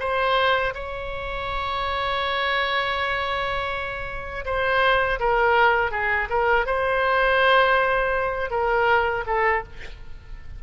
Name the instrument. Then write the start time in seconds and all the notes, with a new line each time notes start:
oboe
0.00 C5
0.74 C#5
4.45 C5
5.20 A#4
5.91 G#4
6.30 A#4
6.66 C5
8.51 A#4
9.27 A4